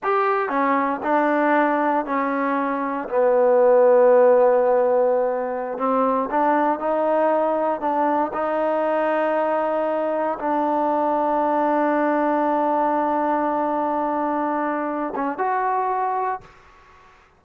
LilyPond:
\new Staff \with { instrumentName = "trombone" } { \time 4/4 \tempo 4 = 117 g'4 cis'4 d'2 | cis'2 b2~ | b2.~ b16 c'8.~ | c'16 d'4 dis'2 d'8.~ |
d'16 dis'2.~ dis'8.~ | dis'16 d'2.~ d'8.~ | d'1~ | d'4. cis'8 fis'2 | }